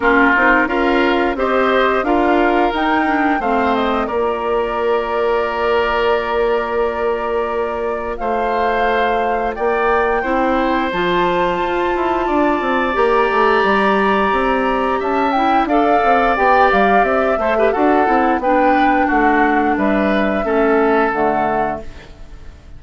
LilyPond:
<<
  \new Staff \with { instrumentName = "flute" } { \time 4/4 \tempo 4 = 88 ais'4 f''4 dis''4 f''4 | g''4 f''8 dis''8 d''2~ | d''1 | f''2 g''2 |
a''2. ais''4~ | ais''2 a''8 g''8 f''4 | g''8 f''8 e''4 fis''4 g''4 | fis''4 e''2 fis''4 | }
  \new Staff \with { instrumentName = "oboe" } { \time 4/4 f'4 ais'4 c''4 ais'4~ | ais'4 c''4 ais'2~ | ais'1 | c''2 d''4 c''4~ |
c''2 d''2~ | d''2 e''4 d''4~ | d''4. c''16 b'16 a'4 b'4 | fis'4 b'4 a'2 | }
  \new Staff \with { instrumentName = "clarinet" } { \time 4/4 cis'8 dis'8 f'4 g'4 f'4 | dis'8 d'8 c'4 f'2~ | f'1~ | f'2. e'4 |
f'2. g'4~ | g'2~ g'8 e'8 a'4 | g'4. a'16 g'16 fis'8 e'8 d'4~ | d'2 cis'4 a4 | }
  \new Staff \with { instrumentName = "bassoon" } { \time 4/4 ais8 c'8 cis'4 c'4 d'4 | dis'4 a4 ais2~ | ais1 | a2 ais4 c'4 |
f4 f'8 e'8 d'8 c'8 ais8 a8 | g4 c'4 cis'4 d'8 c'8 | b8 g8 c'8 a8 d'8 c'8 b4 | a4 g4 a4 d4 | }
>>